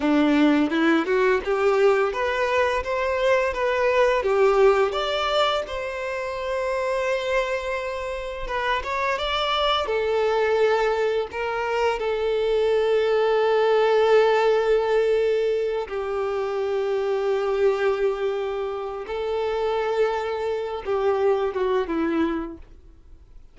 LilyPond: \new Staff \with { instrumentName = "violin" } { \time 4/4 \tempo 4 = 85 d'4 e'8 fis'8 g'4 b'4 | c''4 b'4 g'4 d''4 | c''1 | b'8 cis''8 d''4 a'2 |
ais'4 a'2.~ | a'2~ a'8 g'4.~ | g'2. a'4~ | a'4. g'4 fis'8 e'4 | }